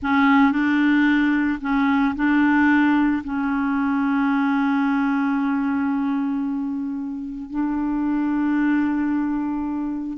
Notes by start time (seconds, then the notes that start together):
0.02 C#4
0.52 D4
1.61 C#4
2.15 D4
3.24 C#4
7.50 D4